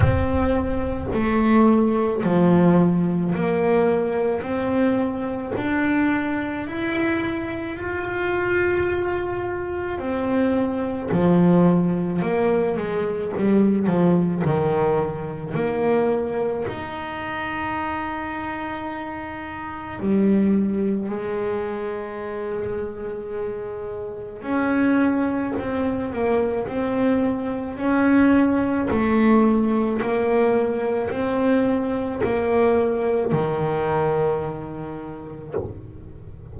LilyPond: \new Staff \with { instrumentName = "double bass" } { \time 4/4 \tempo 4 = 54 c'4 a4 f4 ais4 | c'4 d'4 e'4 f'4~ | f'4 c'4 f4 ais8 gis8 | g8 f8 dis4 ais4 dis'4~ |
dis'2 g4 gis4~ | gis2 cis'4 c'8 ais8 | c'4 cis'4 a4 ais4 | c'4 ais4 dis2 | }